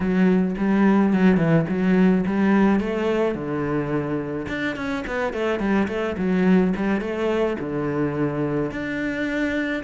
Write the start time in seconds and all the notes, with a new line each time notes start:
0.00 F#3
0.57 G3
1.13 F#3
1.37 E3
1.68 F#3
2.26 G3
2.80 A3
3.34 D3
4.48 D4
4.75 C#4
5.06 B3
5.33 A3
5.59 G3
5.88 A3
6.17 F#3
6.75 G3
7.00 A3
7.59 D3
8.71 D4